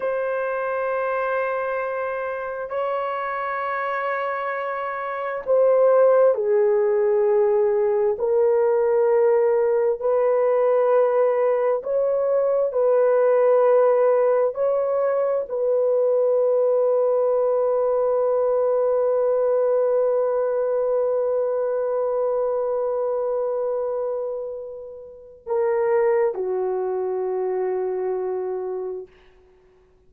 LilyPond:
\new Staff \with { instrumentName = "horn" } { \time 4/4 \tempo 4 = 66 c''2. cis''4~ | cis''2 c''4 gis'4~ | gis'4 ais'2 b'4~ | b'4 cis''4 b'2 |
cis''4 b'2.~ | b'1~ | b'1 | ais'4 fis'2. | }